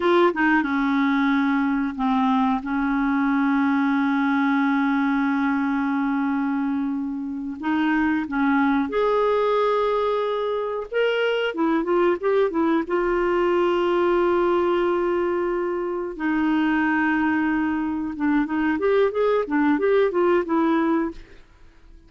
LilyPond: \new Staff \with { instrumentName = "clarinet" } { \time 4/4 \tempo 4 = 91 f'8 dis'8 cis'2 c'4 | cis'1~ | cis'2.~ cis'8 dis'8~ | dis'8 cis'4 gis'2~ gis'8~ |
gis'8 ais'4 e'8 f'8 g'8 e'8 f'8~ | f'1~ | f'8 dis'2. d'8 | dis'8 g'8 gis'8 d'8 g'8 f'8 e'4 | }